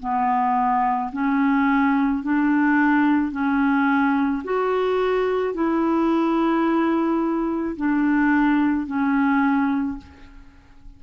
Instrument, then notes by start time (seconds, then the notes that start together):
clarinet
0.00 B3
1.13 C#4
2.24 D4
3.32 C#4
4.45 F#4
5.55 E4
7.77 D4
8.87 C#4